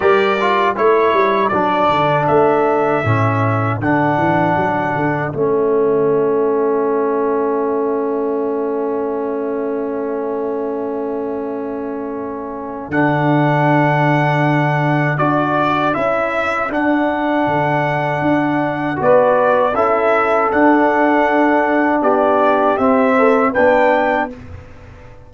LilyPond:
<<
  \new Staff \with { instrumentName = "trumpet" } { \time 4/4 \tempo 4 = 79 d''4 cis''4 d''4 e''4~ | e''4 fis''2 e''4~ | e''1~ | e''1~ |
e''4 fis''2. | d''4 e''4 fis''2~ | fis''4 d''4 e''4 fis''4~ | fis''4 d''4 e''4 g''4 | }
  \new Staff \with { instrumentName = "horn" } { \time 4/4 ais'4 a'2.~ | a'1~ | a'1~ | a'1~ |
a'1~ | a'1~ | a'4 b'4 a'2~ | a'4 g'4. a'8 b'4 | }
  \new Staff \with { instrumentName = "trombone" } { \time 4/4 g'8 f'8 e'4 d'2 | cis'4 d'2 cis'4~ | cis'1~ | cis'1~ |
cis'4 d'2. | fis'4 e'4 d'2~ | d'4 fis'4 e'4 d'4~ | d'2 c'4 d'4 | }
  \new Staff \with { instrumentName = "tuba" } { \time 4/4 g4 a8 g8 fis8 d8 a4 | a,4 d8 e8 fis8 d8 a4~ | a1~ | a1~ |
a4 d2. | d'4 cis'4 d'4 d4 | d'4 b4 cis'4 d'4~ | d'4 b4 c'4 b4 | }
>>